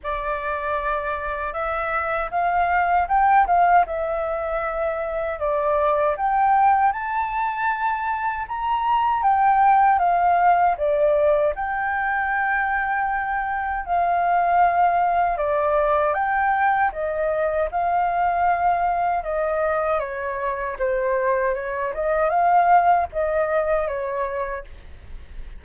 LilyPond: \new Staff \with { instrumentName = "flute" } { \time 4/4 \tempo 4 = 78 d''2 e''4 f''4 | g''8 f''8 e''2 d''4 | g''4 a''2 ais''4 | g''4 f''4 d''4 g''4~ |
g''2 f''2 | d''4 g''4 dis''4 f''4~ | f''4 dis''4 cis''4 c''4 | cis''8 dis''8 f''4 dis''4 cis''4 | }